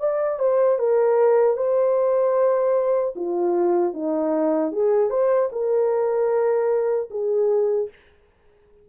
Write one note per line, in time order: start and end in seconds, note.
0.00 0.39 D5
0.40 0.79 C5
0.79 1.57 A#4
1.57 3.15 C5
3.16 3.94 F4
3.94 4.73 D#4
4.73 5.11 G#4
5.11 5.50 C5
5.52 7.10 A#4
7.11 7.89 G#4